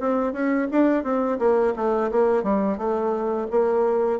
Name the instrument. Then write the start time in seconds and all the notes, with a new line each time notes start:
bassoon
0.00 C4
0.33 C#4
0.71 D4
1.04 C4
1.39 A#3
1.76 A3
2.11 A#3
2.43 G3
2.77 A3
3.51 A#3